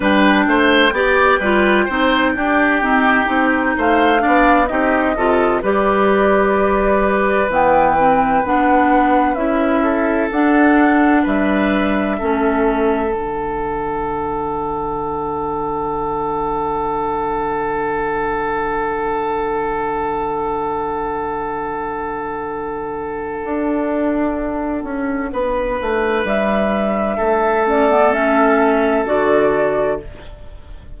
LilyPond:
<<
  \new Staff \with { instrumentName = "flute" } { \time 4/4 \tempo 4 = 64 g''1 | f''4 dis''4 d''2 | g''4 fis''4 e''4 fis''4 | e''2 fis''2~ |
fis''1~ | fis''1~ | fis''1 | e''4. d''8 e''4 d''4 | }
  \new Staff \with { instrumentName = "oboe" } { \time 4/4 b'8 c''8 d''8 b'8 c''8 g'4. | c''8 d''8 g'8 a'8 b'2~ | b'2~ b'8 a'4. | b'4 a'2.~ |
a'1~ | a'1~ | a'2. b'4~ | b'4 a'2. | }
  \new Staff \with { instrumentName = "clarinet" } { \time 4/4 d'4 g'8 f'8 dis'8 d'8 c'8 dis'8~ | dis'8 d'8 dis'8 f'8 g'2 | b8 c'8 d'4 e'4 d'4~ | d'4 cis'4 d'2~ |
d'1~ | d'1~ | d'1~ | d'4. cis'16 b16 cis'4 fis'4 | }
  \new Staff \with { instrumentName = "bassoon" } { \time 4/4 g8 a8 b8 g8 c'8 d'8 dis'8 c'8 | a8 b8 c'8 c8 g2 | e4 b4 cis'4 d'4 | g4 a4 d2~ |
d1~ | d1~ | d4 d'4. cis'8 b8 a8 | g4 a2 d4 | }
>>